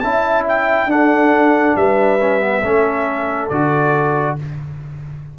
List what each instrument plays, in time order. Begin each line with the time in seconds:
0.00 tuba C#4, trombone E4, horn E5, trumpet A5
0.49 trumpet G5
0.86 tuba D4, trombone D4, horn A4, trumpet F#5
1.76 tuba G3, horn B4, trumpet E5
2.21 trombone C#4
2.41 trombone B3
2.62 tuba A3, trombone C#4, horn A4
3.50 tuba D3, trombone F#4, trumpet D5